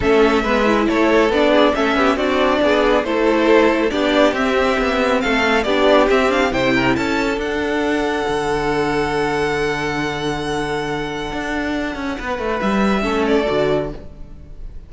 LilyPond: <<
  \new Staff \with { instrumentName = "violin" } { \time 4/4 \tempo 4 = 138 e''2 cis''4 d''4 | e''4 d''2 c''4~ | c''4 d''4 e''2 | f''4 d''4 e''8 f''8 g''4 |
a''4 fis''2.~ | fis''1~ | fis''1~ | fis''4 e''4. d''4. | }
  \new Staff \with { instrumentName = "violin" } { \time 4/4 a'4 b'4 a'4. gis'8 | a'8 g'8 fis'4 gis'4 a'4~ | a'4 g'2. | a'4 g'2 c''8 ais'8 |
a'1~ | a'1~ | a'1 | b'2 a'2 | }
  \new Staff \with { instrumentName = "viola" } { \time 4/4 cis'4 b8 e'4. d'4 | cis'4 d'2 e'4~ | e'4 d'4 c'2~ | c'4 d'4 c'8 d'8 e'4~ |
e'4 d'2.~ | d'1~ | d'1~ | d'2 cis'4 fis'4 | }
  \new Staff \with { instrumentName = "cello" } { \time 4/4 a4 gis4 a4 b4 | a8 b8 c'4 b4 a4~ | a4 b4 c'4 b4 | a4 b4 c'4 c4 |
cis'4 d'2 d4~ | d1~ | d2 d'4. cis'8 | b8 a8 g4 a4 d4 | }
>>